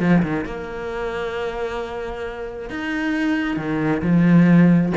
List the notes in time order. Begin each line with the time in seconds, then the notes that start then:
0.00 F3
0.23 D#3
0.45 A#3
2.70 D#4
3.57 D#3
4.03 F3